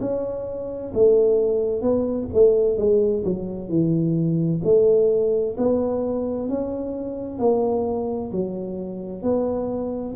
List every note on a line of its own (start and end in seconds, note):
0.00 0.92 C#4
0.94 1.81 A3
1.81 2.27 B3
2.33 2.77 A3
2.77 3.23 G#3
3.24 3.69 F#3
3.69 4.61 E3
4.64 5.56 A3
5.58 6.49 B3
6.49 7.39 C#4
7.39 8.31 A#3
8.32 9.23 F#3
9.23 10.15 B3